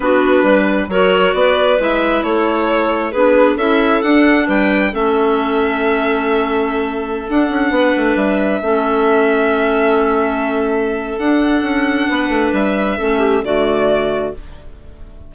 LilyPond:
<<
  \new Staff \with { instrumentName = "violin" } { \time 4/4 \tempo 4 = 134 b'2 cis''4 d''4 | e''4 cis''2 b'4 | e''4 fis''4 g''4 e''4~ | e''1~ |
e''16 fis''2 e''4.~ e''16~ | e''1~ | e''4 fis''2. | e''2 d''2 | }
  \new Staff \with { instrumentName = "clarinet" } { \time 4/4 fis'4 b'4 ais'4 b'4~ | b'4 a'2 gis'4 | a'2 b'4 a'4~ | a'1~ |
a'4~ a'16 b'2 a'8.~ | a'1~ | a'2. b'4~ | b'4 a'8 g'8 fis'2 | }
  \new Staff \with { instrumentName = "clarinet" } { \time 4/4 d'2 fis'2 | e'2. d'4 | e'4 d'2 cis'4~ | cis'1~ |
cis'16 d'2. cis'8.~ | cis'1~ | cis'4 d'2.~ | d'4 cis'4 a2 | }
  \new Staff \with { instrumentName = "bassoon" } { \time 4/4 b4 g4 fis4 b4 | gis4 a2 b4 | cis'4 d'4 g4 a4~ | a1~ |
a16 d'8 cis'8 b8 a8 g4 a8.~ | a1~ | a4 d'4 cis'4 b8 a8 | g4 a4 d2 | }
>>